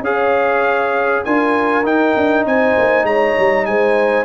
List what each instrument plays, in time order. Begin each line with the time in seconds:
0.00 tuba C#4, trombone G#4, horn C#5, trumpet F5
1.25 tuba D4, trombone F4, horn A#4, trumpet G#5
1.84 tuba D#4, trombone D#4, trumpet G5
2.17 tuba D4
2.46 tuba C4, horn C5, trumpet G#5
2.78 tuba A#3
3.04 tuba G#3, horn C#5, trumpet A#5
3.39 tuba G3
3.66 tuba G#3, horn C5, trumpet G#5